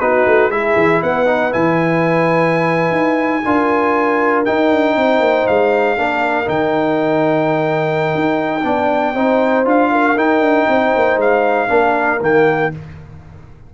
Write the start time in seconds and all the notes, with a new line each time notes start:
0.00 B3 D#4 F#4 B4
0.26 A3
0.49 G#3 E4 G#4 E5
0.76 E3
1.02 B3 B4 F#5
1.26 D#4
1.51 E3 E4 G#5
2.90 D#4
3.45 D4 F4 A#4
4.45 D#4 G5
4.71 D4
4.96 C4 C5
5.20 A#3
5.47 G#3 F5
5.97 A#3 D4 A#4
6.45 D#3 D#4 G5
8.15 D#4
8.64 B3 D4 D5
9.14 C4 D#4 C5
9.65 D4 F4 F5
9.92 A#4
10.16 D#4 G5
10.41 D4
10.68 C4 C5
10.96 A#3
11.16 G#3 F5
11.68 A#3 D4 A#4
12.21 D#3 A#3 G5